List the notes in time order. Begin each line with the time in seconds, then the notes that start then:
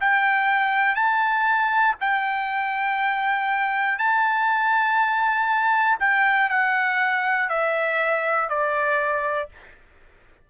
0.00 G5
0.95 A5
2.00 G5
3.98 A5
5.99 G5
6.50 F#5
7.49 E5
8.49 D5